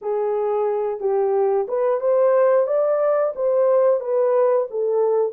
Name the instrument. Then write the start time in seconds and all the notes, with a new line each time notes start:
horn
0.01 G#4
1.00 G4
1.68 B4
2.00 C5
2.67 D5
3.35 C5
4.00 B4
4.70 A4